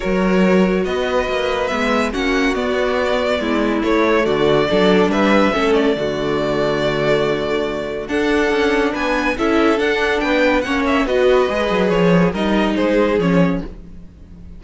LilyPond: <<
  \new Staff \with { instrumentName = "violin" } { \time 4/4 \tempo 4 = 141 cis''2 dis''2 | e''4 fis''4 d''2~ | d''4 cis''4 d''2 | e''4. d''2~ d''8~ |
d''2. fis''4~ | fis''4 gis''4 e''4 fis''4 | g''4 fis''8 e''8 dis''2 | cis''4 dis''4 c''4 cis''4 | }
  \new Staff \with { instrumentName = "violin" } { \time 4/4 ais'2 b'2~ | b'4 fis'2. | e'2 fis'4 a'4 | b'4 a'4 fis'2~ |
fis'2. a'4~ | a'4 b'4 a'2 | b'4 cis''4 b'2~ | b'4 ais'4 gis'2 | }
  \new Staff \with { instrumentName = "viola" } { \time 4/4 fis'1 | b4 cis'4 b2~ | b4 a2 d'4~ | d'4 cis'4 a2~ |
a2. d'4~ | d'2 e'4 d'4~ | d'4 cis'4 fis'4 gis'4~ | gis'4 dis'2 cis'4 | }
  \new Staff \with { instrumentName = "cello" } { \time 4/4 fis2 b4 ais4 | gis4 ais4 b2 | gis4 a4 d4 fis4 | g4 a4 d2~ |
d2. d'4 | cis'4 b4 cis'4 d'4 | b4 ais4 b4 gis8 fis8 | f4 g4 gis4 f4 | }
>>